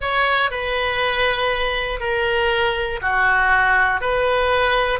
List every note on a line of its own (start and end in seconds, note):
0.00 0.50 C#5
0.50 2.00 B4
2.00 3.00 A#4
3.01 4.00 F#4
4.00 4.99 B4